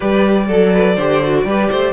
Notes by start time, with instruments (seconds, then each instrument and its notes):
0.00 cello G3, viola G4, violin B4 D5
0.47 cello F#3, violin A4, viola A4
0.73 violin B4
0.95 cello D3, viola G4, violin C5
1.23 viola F#4
1.44 cello G3, viola G4, violin B4
1.70 cello A3, violin C5